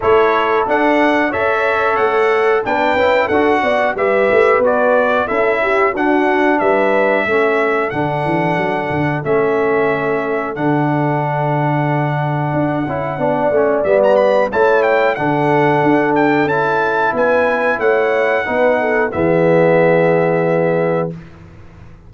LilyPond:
<<
  \new Staff \with { instrumentName = "trumpet" } { \time 4/4 \tempo 4 = 91 cis''4 fis''4 e''4 fis''4 | g''4 fis''4 e''4 d''4 | e''4 fis''4 e''2 | fis''2 e''2 |
fis''1~ | fis''4 e''16 ais''16 b''8 a''8 g''8 fis''4~ | fis''8 g''8 a''4 gis''4 fis''4~ | fis''4 e''2. | }
  \new Staff \with { instrumentName = "horn" } { \time 4/4 a'2 cis''2 | b'4 a'8 d''8 b'2 | a'8 g'8 fis'4 b'4 a'4~ | a'1~ |
a'1 | d''2 cis''4 a'4~ | a'2 b'4 cis''4 | b'8 a'8 gis'2. | }
  \new Staff \with { instrumentName = "trombone" } { \time 4/4 e'4 d'4 a'2 | d'8 e'8 fis'4 g'4 fis'4 | e'4 d'2 cis'4 | d'2 cis'2 |
d'2.~ d'8 e'8 | d'8 cis'8 b4 e'4 d'4~ | d'4 e'2. | dis'4 b2. | }
  \new Staff \with { instrumentName = "tuba" } { \time 4/4 a4 d'4 cis'4 a4 | b8 cis'8 d'8 b8 g8 a8 b4 | cis'4 d'4 g4 a4 | d8 e8 fis8 d8 a2 |
d2. d'8 cis'8 | b8 a8 g4 a4 d4 | d'4 cis'4 b4 a4 | b4 e2. | }
>>